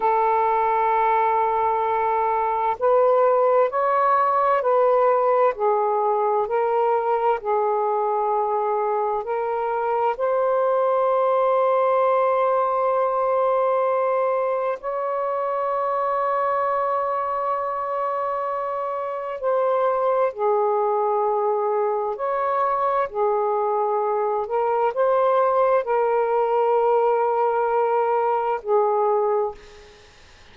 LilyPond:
\new Staff \with { instrumentName = "saxophone" } { \time 4/4 \tempo 4 = 65 a'2. b'4 | cis''4 b'4 gis'4 ais'4 | gis'2 ais'4 c''4~ | c''1 |
cis''1~ | cis''4 c''4 gis'2 | cis''4 gis'4. ais'8 c''4 | ais'2. gis'4 | }